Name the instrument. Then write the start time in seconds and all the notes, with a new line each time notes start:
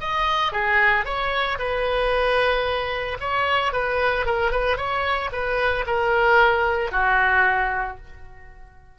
oboe
0.00 D#5
0.52 G#4
1.05 C#5
1.59 B4
3.20 C#5
3.73 B4
4.26 A#4
4.51 B4
4.77 C#5
5.32 B4
5.87 A#4
6.91 F#4